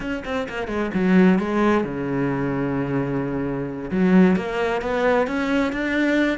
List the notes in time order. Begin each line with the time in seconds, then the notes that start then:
0.00 C#4
0.24 C4
0.49 A#3
0.67 G#3
0.93 F#3
1.38 G#3
1.84 C#3
3.91 F#3
4.36 A#3
4.81 B3
5.27 C#4
5.72 D4